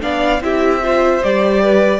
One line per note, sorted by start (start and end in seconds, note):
0.00 0.40 B3
0.00 0.40 D4
0.00 0.42 D5
0.00 0.42 F5
0.40 1.20 C4
0.40 0.81 E4
0.40 0.83 G4
0.40 1.23 E5
0.82 1.22 F4
0.82 1.62 C5
1.23 1.99 G3
1.23 1.99 G4
1.23 1.99 D5
1.62 1.99 B4